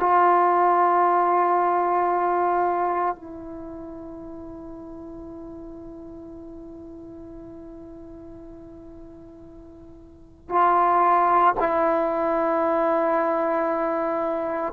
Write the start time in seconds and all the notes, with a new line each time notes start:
0.00 F4
3.16 E4
10.49 F4
11.60 E4